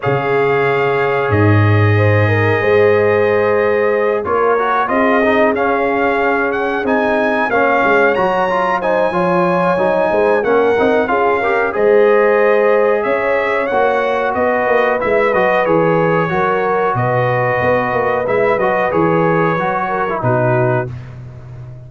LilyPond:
<<
  \new Staff \with { instrumentName = "trumpet" } { \time 4/4 \tempo 4 = 92 f''2 dis''2~ | dis''2~ dis''8 cis''4 dis''8~ | dis''8 f''4. fis''8 gis''4 f''8~ | f''8 ais''4 gis''2~ gis''8 |
fis''4 f''4 dis''2 | e''4 fis''4 dis''4 e''8 dis''8 | cis''2 dis''2 | e''8 dis''8 cis''2 b'4 | }
  \new Staff \with { instrumentName = "horn" } { \time 4/4 cis''2. c''8 ais'8 | c''2~ c''8 ais'4 gis'8~ | gis'2.~ gis'8 cis''8~ | cis''4. c''8 cis''4. c''8 |
ais'4 gis'8 ais'8 c''2 | cis''2 b'2~ | b'4 ais'4 b'2~ | b'2~ b'8 ais'8 fis'4 | }
  \new Staff \with { instrumentName = "trombone" } { \time 4/4 gis'1~ | gis'2~ gis'8 f'8 fis'8 f'8 | dis'8 cis'2 dis'4 cis'8~ | cis'8 fis'8 f'8 dis'8 f'4 dis'4 |
cis'8 dis'8 f'8 g'8 gis'2~ | gis'4 fis'2 e'8 fis'8 | gis'4 fis'2. | e'8 fis'8 gis'4 fis'8. e'16 dis'4 | }
  \new Staff \with { instrumentName = "tuba" } { \time 4/4 cis2 gis,2 | gis2~ gis8 ais4 c'8~ | c'8 cis'2 c'4 ais8 | gis8 fis4. f4 fis8 gis8 |
ais8 c'8 cis'4 gis2 | cis'4 ais4 b8 ais8 gis8 fis8 | e4 fis4 b,4 b8 ais8 | gis8 fis8 e4 fis4 b,4 | }
>>